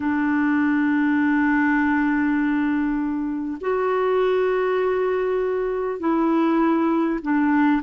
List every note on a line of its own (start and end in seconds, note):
0.00 3.57 D4
3.60 5.99 F#4
5.99 7.19 E4
7.22 7.82 D4